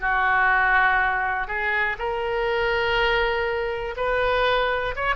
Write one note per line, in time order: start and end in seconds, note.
0.00 1.47 F#4
1.47 1.96 G#4
1.98 3.95 A#4
3.97 4.95 B4
4.96 5.15 C#5